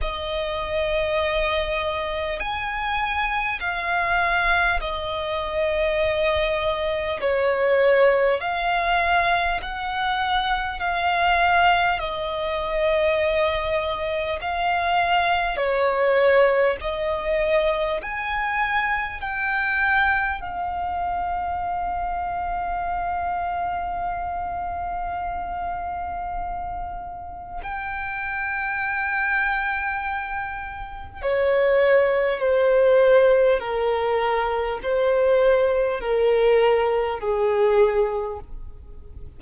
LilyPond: \new Staff \with { instrumentName = "violin" } { \time 4/4 \tempo 4 = 50 dis''2 gis''4 f''4 | dis''2 cis''4 f''4 | fis''4 f''4 dis''2 | f''4 cis''4 dis''4 gis''4 |
g''4 f''2.~ | f''2. g''4~ | g''2 cis''4 c''4 | ais'4 c''4 ais'4 gis'4 | }